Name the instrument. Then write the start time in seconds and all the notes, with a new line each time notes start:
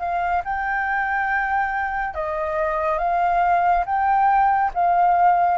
flute
0.00 F5
0.45 G5
2.15 D#5
2.99 F5
3.86 G5
4.75 F5